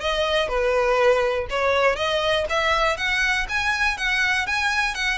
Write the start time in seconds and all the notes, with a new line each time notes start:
0.00 D#5
0.48 B4
1.50 C#5
1.96 D#5
2.49 E5
2.97 F#5
3.49 G#5
3.97 F#5
4.47 G#5
4.94 F#5